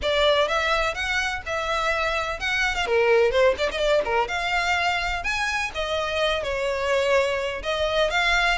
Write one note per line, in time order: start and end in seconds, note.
0.02 0.48 D5
0.48 0.94 E5
0.94 1.42 F#5
1.45 2.39 E5
2.39 2.75 F#5
2.75 2.86 F5
2.86 3.31 A#4
3.31 3.55 C5
3.58 3.70 D5
3.71 3.78 D#5
3.78 4.02 D5
4.04 4.28 A#4
4.28 5.23 F5
5.23 5.71 G#5
5.74 6.43 D#5
6.43 7.62 C#5
7.62 8.10 D#5
8.10 8.58 F5